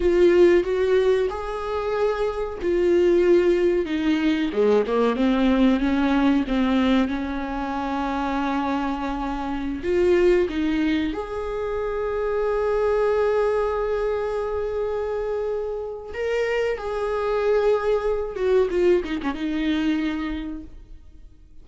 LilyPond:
\new Staff \with { instrumentName = "viola" } { \time 4/4 \tempo 4 = 93 f'4 fis'4 gis'2 | f'2 dis'4 gis8 ais8 | c'4 cis'4 c'4 cis'4~ | cis'2.~ cis'16 f'8.~ |
f'16 dis'4 gis'2~ gis'8.~ | gis'1~ | gis'4 ais'4 gis'2~ | gis'8 fis'8 f'8 dis'16 cis'16 dis'2 | }